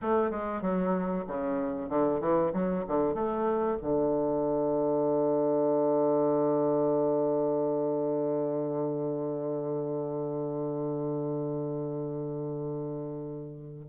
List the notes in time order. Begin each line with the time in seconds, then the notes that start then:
0.01 A3
0.30 G#3
0.61 F#3
1.27 C#3
1.89 D3
2.20 E3
2.53 F#3
2.87 D3
3.14 A3
3.82 D3